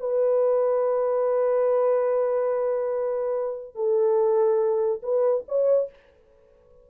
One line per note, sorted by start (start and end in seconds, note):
0.00 3.76 B4
3.76 5.01 A4
5.03 5.45 B4
5.49 5.90 C#5